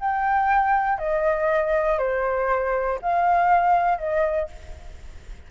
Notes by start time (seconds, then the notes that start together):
0.00 G5
0.98 D#5
1.98 C5
3.02 F5
3.98 D#5